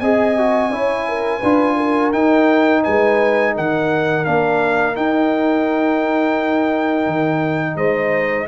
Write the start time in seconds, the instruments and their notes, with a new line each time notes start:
0.00 tuba C4, trombone G#4, horn D#5, trumpet G#5
0.38 trombone F#4
0.70 tuba C#4, trombone E4, horn C#5
1.09 horn A#4
1.39 tuba D4, trombone F4, horn B4
1.76 horn A#4
2.12 tuba D#4, trombone D#4, trumpet G5
2.83 tuba G#3, horn B4, trumpet G#5
3.55 tuba D#3, horn A#4, trumpet F#5
4.25 tuba A#3, trombone D4, trumpet F5
4.95 trombone D#4, tuba D#4, trumpet G5
7.07 tuba D#3
7.76 tuba G#3, horn C5, trumpet D#5